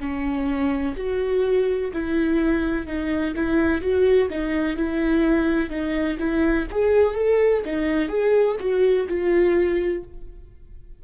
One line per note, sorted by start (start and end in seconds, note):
0.00 0.95 C#4
0.97 1.92 F#4
1.94 2.87 E4
2.87 3.35 D#4
3.36 3.82 E4
3.82 4.29 F#4
4.30 4.77 D#4
4.77 5.70 E4
5.70 6.18 D#4
6.19 6.67 E4
6.71 7.15 G#4
7.15 7.63 A4
7.65 8.09 D#4
8.09 8.57 G#4
8.60 9.08 F#4
9.09 10.04 F4